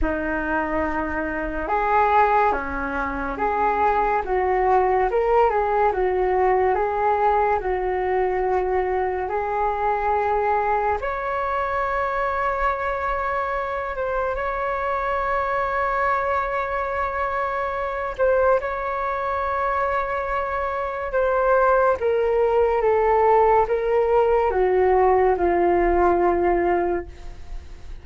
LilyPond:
\new Staff \with { instrumentName = "flute" } { \time 4/4 \tempo 4 = 71 dis'2 gis'4 cis'4 | gis'4 fis'4 ais'8 gis'8 fis'4 | gis'4 fis'2 gis'4~ | gis'4 cis''2.~ |
cis''8 c''8 cis''2.~ | cis''4. c''8 cis''2~ | cis''4 c''4 ais'4 a'4 | ais'4 fis'4 f'2 | }